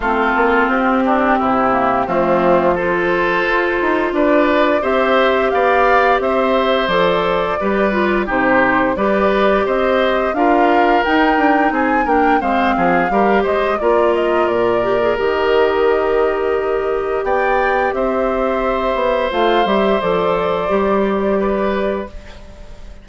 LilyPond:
<<
  \new Staff \with { instrumentName = "flute" } { \time 4/4 \tempo 4 = 87 a'4 g'2 f'4 | c''2 d''4 e''4 | f''4 e''4 d''2 | c''4 d''4 dis''4 f''4 |
g''4 gis''8 g''8 f''4. dis''8 | d''8 dis''8 d''4 dis''2~ | dis''4 g''4 e''2 | f''8 e''8 d''2. | }
  \new Staff \with { instrumentName = "oboe" } { \time 4/4 f'4. d'8 e'4 c'4 | a'2 b'4 c''4 | d''4 c''2 b'4 | g'4 b'4 c''4 ais'4~ |
ais'4 gis'8 ais'8 c''8 gis'8 ais'8 c''8 | ais'1~ | ais'4 d''4 c''2~ | c''2. b'4 | }
  \new Staff \with { instrumentName = "clarinet" } { \time 4/4 c'2~ c'8 ais8 a4 | f'2. g'4~ | g'2 a'4 g'8 f'8 | dis'4 g'2 f'4 |
dis'4. d'8 c'4 g'4 | f'4. g'16 gis'16 g'2~ | g'1 | f'8 g'8 a'4 g'2 | }
  \new Staff \with { instrumentName = "bassoon" } { \time 4/4 a8 ais8 c'4 c4 f4~ | f4 f'8 dis'8 d'4 c'4 | b4 c'4 f4 g4 | c4 g4 c'4 d'4 |
dis'8 d'8 c'8 ais8 gis8 f8 g8 gis8 | ais4 ais,4 dis2~ | dis4 b4 c'4. b8 | a8 g8 f4 g2 | }
>>